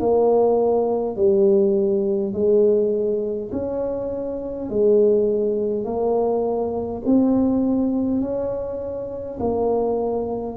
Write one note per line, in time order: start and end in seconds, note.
0.00 1.17 A#3
1.17 2.34 G3
2.34 3.51 G#3
3.52 4.70 C#4
4.70 5.84 G#3
5.84 7.02 A#3
7.06 8.21 C4
8.21 9.39 C#4
9.40 10.57 A#3